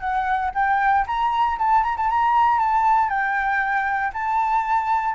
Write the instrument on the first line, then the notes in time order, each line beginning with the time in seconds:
flute
0.00 F#5
0.54 G5
1.07 A#5
1.59 A5
1.84 A#5
1.97 A5
2.10 A#5
2.59 A5
3.09 G5
4.13 A5